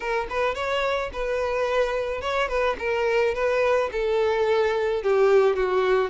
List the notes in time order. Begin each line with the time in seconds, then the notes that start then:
0.00 A#4
0.29 B4
0.55 C#5
1.12 B4
2.21 C#5
2.48 B4
2.78 A#4
3.34 B4
3.92 A4
5.03 G4
5.56 F#4